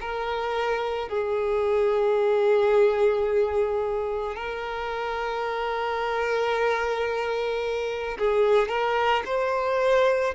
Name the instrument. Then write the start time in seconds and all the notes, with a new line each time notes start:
violin
0.00 A#4
1.09 G#4
4.35 A#4
8.18 G#4
8.68 A#4
9.25 C5